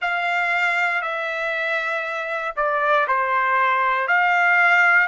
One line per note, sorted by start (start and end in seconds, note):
0.01 1.01 F5
1.01 2.54 E5
2.56 3.06 D5
3.07 4.07 C5
4.07 5.07 F5